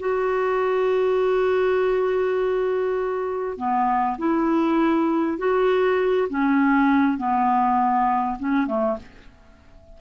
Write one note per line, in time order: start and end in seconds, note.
0.00 3.58 F#4
3.58 4.18 B3
4.18 5.38 E4
5.38 6.28 F#4
6.29 7.18 C#4
7.18 8.38 B3
8.39 8.67 C#4
8.67 8.97 A3